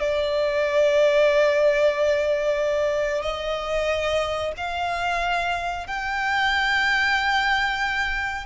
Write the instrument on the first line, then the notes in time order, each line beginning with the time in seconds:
violin
0.00 D5
3.22 D#5
4.57 F5
5.88 G5